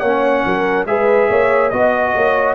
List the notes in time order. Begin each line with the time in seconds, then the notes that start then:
0.00 A#3 C#4 C#5 F#5
0.45 F#3 A#4
0.86 G#3 G#4 B4 E5
1.30 A#3 C#5
1.70 B3 F#4 D#5
2.15 A#3 C#5